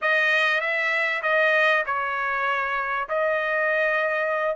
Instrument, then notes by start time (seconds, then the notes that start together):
trumpet
0.01 D#5
0.60 E5
1.22 D#5
1.86 C#5
3.08 D#5